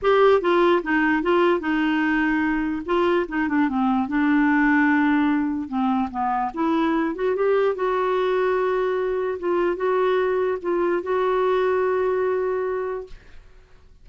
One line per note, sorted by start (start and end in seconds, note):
0.01 0.41 G4
0.41 0.82 F4
0.82 1.22 D#4
1.22 1.60 F4
1.60 2.82 D#4
2.85 3.26 F4
3.28 3.48 D#4
3.48 3.68 D4
3.68 4.08 C4
4.08 5.68 D4
5.68 6.09 C4
6.10 6.51 B3
6.53 7.15 E4
7.15 7.35 F#4
7.35 7.75 G4
7.75 9.38 F#4
9.39 9.76 F4
9.76 10.58 F#4
10.61 11.02 F4
11.02 13.06 F#4